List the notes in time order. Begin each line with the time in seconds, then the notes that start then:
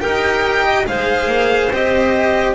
0.00 D#4 G4 A#4 G5
0.64 D#5
0.86 G#3 G#4 C5 F5
1.26 A#3
1.71 C4 G4 D#5